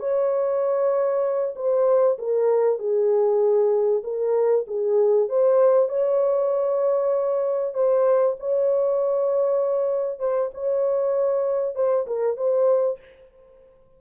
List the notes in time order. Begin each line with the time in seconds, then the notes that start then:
0.00 C#5
1.56 C5
2.19 A#4
2.79 G#4
4.04 A#4
4.67 G#4
5.29 C5
5.89 C#5
7.74 C5
8.40 C#5
10.20 C5
10.54 C#5
11.75 C5
12.07 A#4
12.37 C5